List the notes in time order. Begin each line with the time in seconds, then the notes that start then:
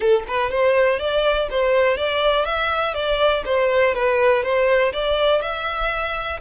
0.00 A4
0.27 B4
0.50 C5
0.99 D5
1.50 C5
1.97 D5
2.45 E5
2.94 D5
3.45 C5
3.94 B4
4.43 C5
4.92 D5
5.41 E5